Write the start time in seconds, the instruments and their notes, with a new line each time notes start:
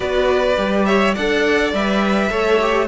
0.00 cello B3, viola F#4, violin B4 D5
0.56 cello G3, viola G4
0.85 violin C#5 E5
1.14 cello D4, viola A4, violin D5 F#5
1.73 cello G3, viola B4, violin E5
2.30 cello A3, viola A4, violin C#5
2.61 viola G4